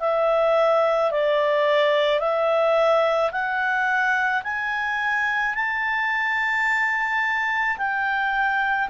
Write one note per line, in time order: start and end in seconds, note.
0.00 1.11 E5
1.11 2.20 D5
2.20 3.31 E5
3.31 4.42 F#5
4.43 5.55 G#5
5.55 7.77 A5
7.77 8.88 G5